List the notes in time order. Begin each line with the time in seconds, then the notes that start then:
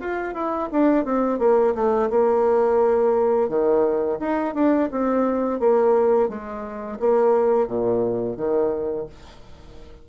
0.00 F4
0.34 E4
0.72 D4
1.05 C4
1.39 A#3
1.75 A3
2.10 A#3
3.49 D#3
4.20 D#4
4.54 D4
4.91 C4
5.59 A#3
6.29 G#3
7.00 A#3
7.67 A#2
8.37 D#3